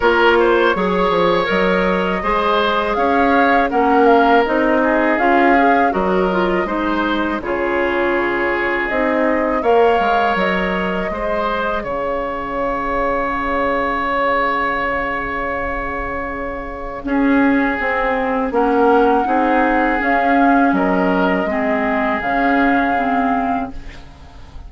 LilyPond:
<<
  \new Staff \with { instrumentName = "flute" } { \time 4/4 \tempo 4 = 81 cis''2 dis''2 | f''4 fis''8 f''8 dis''4 f''4 | dis''2 cis''2 | dis''4 f''4 dis''2 |
f''1~ | f''1~ | f''4 fis''2 f''4 | dis''2 f''2 | }
  \new Staff \with { instrumentName = "oboe" } { \time 4/4 ais'8 c''8 cis''2 c''4 | cis''4 ais'4. gis'4. | ais'4 c''4 gis'2~ | gis'4 cis''2 c''4 |
cis''1~ | cis''2. gis'4~ | gis'4 ais'4 gis'2 | ais'4 gis'2. | }
  \new Staff \with { instrumentName = "clarinet" } { \time 4/4 f'4 gis'4 ais'4 gis'4~ | gis'4 cis'4 dis'4 f'8 gis'8 | fis'8 f'8 dis'4 f'2 | dis'4 ais'2 gis'4~ |
gis'1~ | gis'2. cis'4 | c'4 cis'4 dis'4 cis'4~ | cis'4 c'4 cis'4 c'4 | }
  \new Staff \with { instrumentName = "bassoon" } { \time 4/4 ais4 fis8 f8 fis4 gis4 | cis'4 ais4 c'4 cis'4 | fis4 gis4 cis2 | c'4 ais8 gis8 fis4 gis4 |
cis1~ | cis2. cis'4 | c'4 ais4 c'4 cis'4 | fis4 gis4 cis2 | }
>>